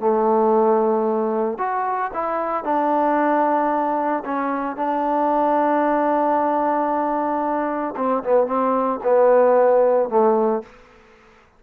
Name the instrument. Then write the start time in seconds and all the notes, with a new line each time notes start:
trombone
0.00 A3
1.59 F#4
2.14 E4
2.65 D4
4.25 C#4
4.77 D4
7.97 C4
8.24 B3
8.47 C4
9.04 B3
10.10 A3